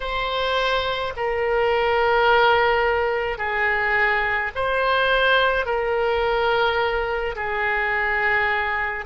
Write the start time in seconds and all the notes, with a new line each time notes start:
0.00 C5
1.16 A#4
3.38 G#4
4.55 C5
5.65 A#4
7.35 G#4